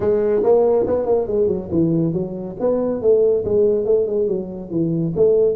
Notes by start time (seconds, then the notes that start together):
0.00 G#3
0.43 A#3
0.86 B3
1.05 A#3
1.27 G#3
1.47 F#3
1.71 E3
2.13 F#3
2.60 B3
3.01 A3
3.44 G#3
3.85 A3
4.06 G#3
4.27 F#3
4.70 E3
5.16 A3